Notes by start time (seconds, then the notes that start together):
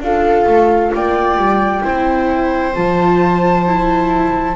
0.00 D4 F4 A4 F5
0.47 A3
0.94 A#3 D5 G5
1.37 G3
1.83 C4 E4 C5
2.75 F3 F4 A5
3.67 E4